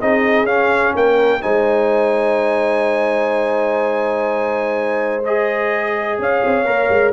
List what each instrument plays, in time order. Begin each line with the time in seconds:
0.00 tuba C4, trombone D#4, horn G#4, trumpet D#5
0.43 tuba C#4, trombone C#4, trumpet F5
0.95 tuba A#3, horn A#4, trumpet G5
1.41 tuba G#3, trombone D#4, horn C5, trumpet G#5
5.24 trombone G#4, trumpet D#5
6.19 tuba C#4, horn C#5, trumpet F5
6.44 tuba C4
6.64 tuba A#3, trombone A#4
6.89 tuba G#3